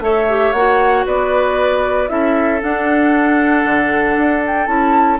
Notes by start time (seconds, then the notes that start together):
0.00 A3 A4 C#5 E5
0.28 G4
0.52 A#3 F#4 F#5
1.06 B3 B4 D5
2.08 C#4 E4 A4 E5
2.62 D4 F#5
3.65 D3
4.17 D4
4.47 G5
4.66 C#4 E4 A5